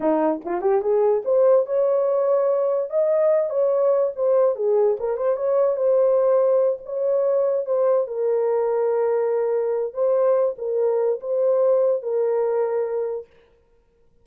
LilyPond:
\new Staff \with { instrumentName = "horn" } { \time 4/4 \tempo 4 = 145 dis'4 f'8 g'8 gis'4 c''4 | cis''2. dis''4~ | dis''8 cis''4. c''4 gis'4 | ais'8 c''8 cis''4 c''2~ |
c''8 cis''2 c''4 ais'8~ | ais'1 | c''4. ais'4. c''4~ | c''4 ais'2. | }